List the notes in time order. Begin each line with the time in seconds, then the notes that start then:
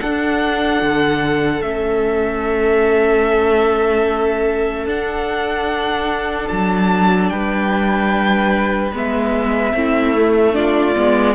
0.00 D4 A4 F#5
0.82 D3
1.62 A3 C#4 E5
4.85 D4 F#5
6.48 F#3 A5
7.30 G3 B4 G5
8.92 G#3 B3 E5
9.74 A3 C4 E4
10.14 A3
10.53 D4 F4 D5
10.96 G#3 B3